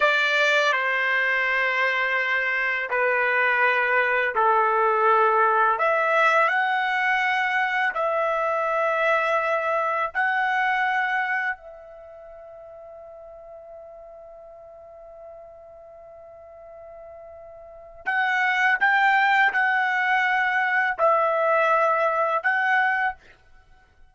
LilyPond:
\new Staff \with { instrumentName = "trumpet" } { \time 4/4 \tempo 4 = 83 d''4 c''2. | b'2 a'2 | e''4 fis''2 e''4~ | e''2 fis''2 |
e''1~ | e''1~ | e''4 fis''4 g''4 fis''4~ | fis''4 e''2 fis''4 | }